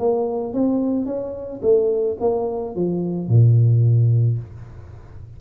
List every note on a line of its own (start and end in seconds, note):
0.00 0.54 A#3
0.54 1.06 C4
1.06 1.61 C#4
1.63 2.18 A3
2.21 2.76 A#3
2.76 3.29 F3
3.29 4.39 A#2